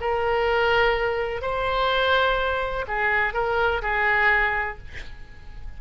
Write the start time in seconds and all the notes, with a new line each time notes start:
0.00 A#4
1.41 C5
2.87 G#4
3.33 A#4
3.82 G#4